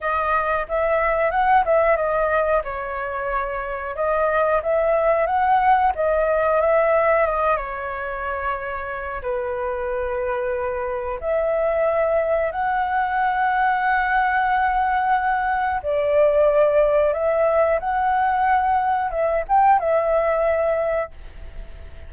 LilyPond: \new Staff \with { instrumentName = "flute" } { \time 4/4 \tempo 4 = 91 dis''4 e''4 fis''8 e''8 dis''4 | cis''2 dis''4 e''4 | fis''4 dis''4 e''4 dis''8 cis''8~ | cis''2 b'2~ |
b'4 e''2 fis''4~ | fis''1 | d''2 e''4 fis''4~ | fis''4 e''8 g''8 e''2 | }